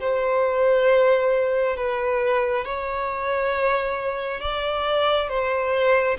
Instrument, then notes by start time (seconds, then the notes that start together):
violin
0.00 C5
1.76 B4
2.65 C#5
4.40 D5
5.29 C5